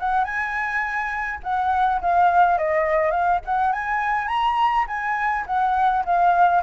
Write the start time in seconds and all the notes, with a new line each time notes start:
0.00 F#5
0.25 G#5
1.43 F#5
2.01 F5
2.58 D#5
3.11 F5
3.45 F#5
3.73 G#5
4.28 A#5
4.88 G#5
5.47 F#5
6.06 F5